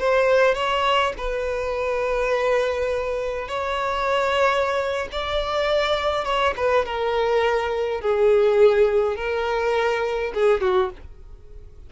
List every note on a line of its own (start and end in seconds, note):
0.00 0.55 C5
0.55 1.13 C#5
1.18 3.49 B4
3.49 5.09 C#5
5.12 6.25 D5
6.25 6.54 C#5
6.57 6.86 B4
6.86 8.02 A#4
8.02 9.17 G#4
9.17 10.33 A#4
10.35 10.62 G#4
10.62 10.91 F#4